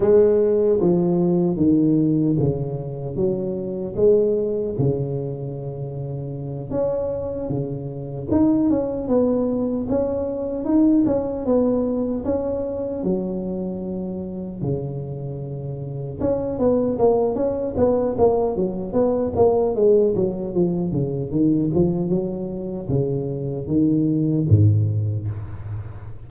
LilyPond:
\new Staff \with { instrumentName = "tuba" } { \time 4/4 \tempo 4 = 76 gis4 f4 dis4 cis4 | fis4 gis4 cis2~ | cis8 cis'4 cis4 dis'8 cis'8 b8~ | b8 cis'4 dis'8 cis'8 b4 cis'8~ |
cis'8 fis2 cis4.~ | cis8 cis'8 b8 ais8 cis'8 b8 ais8 fis8 | b8 ais8 gis8 fis8 f8 cis8 dis8 f8 | fis4 cis4 dis4 gis,4 | }